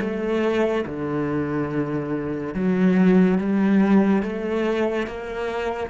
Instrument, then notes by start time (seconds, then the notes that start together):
cello
0.00 A3
0.86 D3
2.54 F#3
3.38 G3
4.23 A3
5.07 A#3